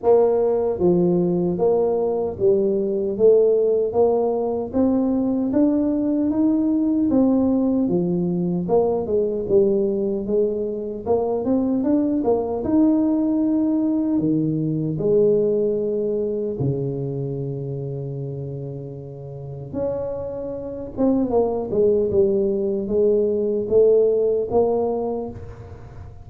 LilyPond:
\new Staff \with { instrumentName = "tuba" } { \time 4/4 \tempo 4 = 76 ais4 f4 ais4 g4 | a4 ais4 c'4 d'4 | dis'4 c'4 f4 ais8 gis8 | g4 gis4 ais8 c'8 d'8 ais8 |
dis'2 dis4 gis4~ | gis4 cis2.~ | cis4 cis'4. c'8 ais8 gis8 | g4 gis4 a4 ais4 | }